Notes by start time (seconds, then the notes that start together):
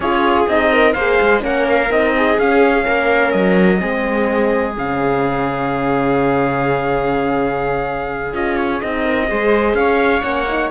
0.00 C#4 F4 G#4 C#5
0.47 C4 D#4 D#5
0.72 A#4
0.93 A#3 G#4 C5 F5
1.21 G#3
1.40 A#3 C#4 A#4 F#5
1.69 F5
1.90 C4 D#4 D#5
2.16 G#4
2.38 C#4 F5
2.84 A#3 A#4
3.31 F#3 D#5
3.78 G#3 C4 G#4
4.76 C#3 C#4 F5
8.32 C#4 F4 D#5
8.56 C#5
8.81 C4 D#4 D#5
9.03 A#4
9.27 G#3 G#4 C5
9.74 C#4 C#5 F5
10.21 A#3 C#4 F#5
10.48 D#4